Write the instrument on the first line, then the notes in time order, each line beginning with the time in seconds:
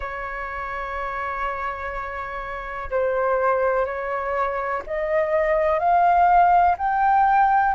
flute
0.00 C#5
2.90 C5
3.85 C#5
4.86 D#5
5.79 F5
6.77 G5